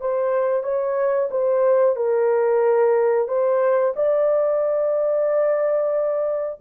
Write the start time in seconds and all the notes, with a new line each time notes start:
0.00 C5
0.63 C#5
1.31 C5
1.96 A#4
3.28 C5
3.96 D5